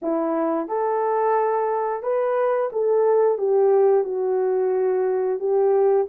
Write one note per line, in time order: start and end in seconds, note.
0.02 0.68 E4
0.68 2.02 A4
2.02 2.70 B4
2.72 3.38 A4
3.38 4.04 G4
4.04 5.39 F#4
5.39 6.06 G4